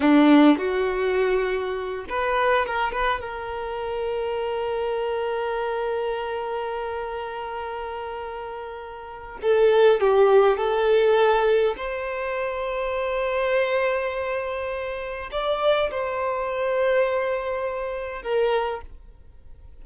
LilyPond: \new Staff \with { instrumentName = "violin" } { \time 4/4 \tempo 4 = 102 d'4 fis'2~ fis'8 b'8~ | b'8 ais'8 b'8 ais'2~ ais'8~ | ais'1~ | ais'1 |
a'4 g'4 a'2 | c''1~ | c''2 d''4 c''4~ | c''2. ais'4 | }